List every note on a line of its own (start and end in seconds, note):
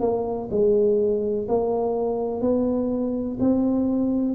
0.00 0.48 A#3
0.51 1.47 G#3
1.48 2.41 A#3
2.41 3.37 B3
3.40 4.34 C4